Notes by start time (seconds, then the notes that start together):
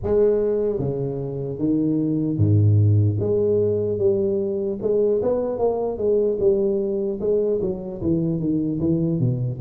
0.03 G#3
0.78 C#3
1.58 D#3
2.37 G#2
3.19 G#3
3.98 G3
4.81 G#3
5.22 B3
5.58 A#3
5.97 G#3
6.39 G3
7.20 G#3
7.61 F#3
8.01 E3
8.39 D#3
8.80 E3
9.19 B2